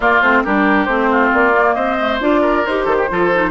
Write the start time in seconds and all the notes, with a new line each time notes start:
0.00 A#3 F4 D5
0.21 A3 C4 C5
0.43 G3 D4 G4 A#4
0.85 A3 C4 C5
1.11 F4
1.33 A#3 D5
1.53 A#3
1.74 C4 C5 D#5
1.99 A3
2.20 D4 F4 D5
2.41 A#4
2.66 D#4 G4 C5
2.84 D#3 A4
2.97 G4
3.09 F3 F4 A4
3.34 D#4